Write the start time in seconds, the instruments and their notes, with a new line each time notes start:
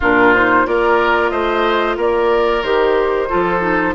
0.00 bassoon A#2, clarinet D4, oboe F4, flute A#4
0.34 clarinet D#4, flute C5
0.65 bassoon A#3, clarinet F4, oboe A#4, flute D5
1.30 bassoon A3, oboe C5, flute D#5
1.96 bassoon A#3, oboe A#4, flute D5
2.62 bassoon D#3, clarinet G4, flute C5
3.28 bassoon F3, clarinet F4, oboe A4
3.60 clarinet D#4